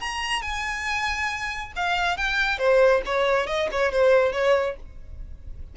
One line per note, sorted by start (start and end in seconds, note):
0.00 0.42 A#5
0.42 1.72 G#5
1.76 2.17 F5
2.17 2.58 G5
2.58 3.02 C5
3.06 3.47 C#5
3.47 3.69 D#5
3.72 3.92 C#5
3.92 4.33 C5
4.33 4.76 C#5